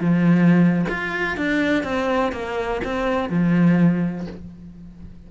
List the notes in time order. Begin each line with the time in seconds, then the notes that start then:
0.00 F3
0.89 F4
1.37 D4
1.83 C4
2.32 A#3
2.84 C4
3.29 F3